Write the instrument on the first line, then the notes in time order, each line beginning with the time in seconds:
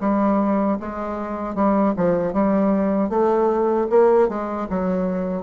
bassoon
0.00 G3
0.79 G#3
1.54 G3
1.96 F3
2.33 G3
3.09 A3
3.89 A#3
4.28 G#3
4.69 F#3